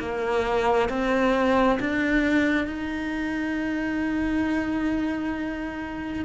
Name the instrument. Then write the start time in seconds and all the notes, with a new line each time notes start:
cello
0.00 A#3
0.90 C4
1.80 D4
2.67 D#4